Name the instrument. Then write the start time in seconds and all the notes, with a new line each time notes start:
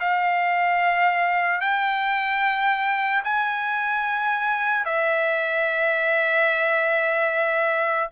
trumpet
0.00 F5
1.61 G5
3.24 G#5
4.85 E5